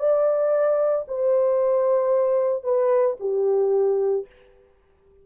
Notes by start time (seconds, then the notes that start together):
0.00 D5
1.08 C5
2.64 B4
3.21 G4